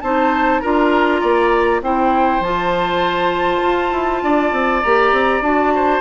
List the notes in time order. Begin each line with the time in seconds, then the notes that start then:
0.00 C4 D#4 C5 A5
0.60 D4 F4 A#4 A#5
1.20 A#3 D5
1.81 C4 E4 C5 G5
2.40 F3 F4 A5
3.62 F4
3.92 E4
4.22 D4 D5
4.52 C4
4.82 A#3 G4 A#5
5.12 C4
5.41 D4 F#4 A5
5.75 C5